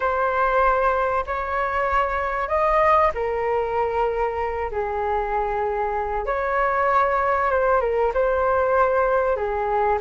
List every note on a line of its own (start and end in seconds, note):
0.00 1.24 C5
1.26 2.48 C#5
2.48 3.11 D#5
3.14 4.70 A#4
4.71 6.26 G#4
6.26 7.51 C#5
7.51 7.81 C5
7.81 8.12 A#4
8.13 9.36 C5
9.36 9.98 G#4